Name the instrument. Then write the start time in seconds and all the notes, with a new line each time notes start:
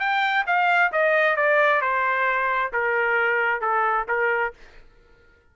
trumpet
0.00 G5
0.47 F5
0.92 D#5
1.36 D5
1.82 C5
2.73 A#4
3.61 A4
4.08 A#4